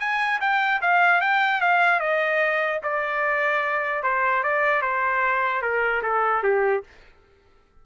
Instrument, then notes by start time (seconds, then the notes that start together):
trumpet
0.00 G#5
0.41 G5
0.82 F5
1.22 G5
1.61 F5
2.00 D#5
2.84 D5
4.04 C5
4.44 D5
4.82 C5
5.62 A#4
6.03 A4
6.43 G4